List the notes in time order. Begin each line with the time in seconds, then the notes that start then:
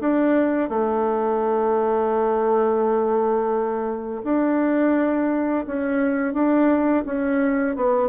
0.00 D4
0.69 A3
4.24 D4
5.66 C#4
6.33 D4
7.06 C#4
7.76 B3